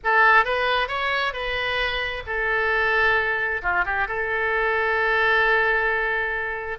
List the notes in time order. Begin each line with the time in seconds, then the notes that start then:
0.04 A4
0.44 B4
0.88 C#5
1.33 B4
2.26 A4
3.62 F4
3.85 G4
4.07 A4